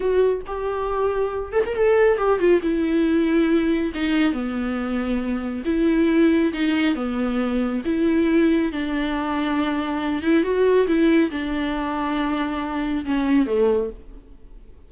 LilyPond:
\new Staff \with { instrumentName = "viola" } { \time 4/4 \tempo 4 = 138 fis'4 g'2~ g'8 a'16 ais'16 | a'4 g'8 f'8 e'2~ | e'4 dis'4 b2~ | b4 e'2 dis'4 |
b2 e'2 | d'2.~ d'8 e'8 | fis'4 e'4 d'2~ | d'2 cis'4 a4 | }